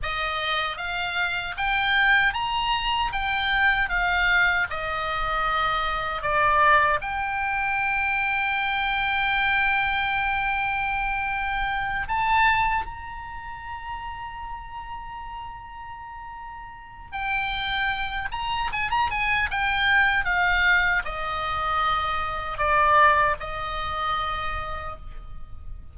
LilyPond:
\new Staff \with { instrumentName = "oboe" } { \time 4/4 \tempo 4 = 77 dis''4 f''4 g''4 ais''4 | g''4 f''4 dis''2 | d''4 g''2.~ | g''2.~ g''8 a''8~ |
a''8 ais''2.~ ais''8~ | ais''2 g''4. ais''8 | gis''16 ais''16 gis''8 g''4 f''4 dis''4~ | dis''4 d''4 dis''2 | }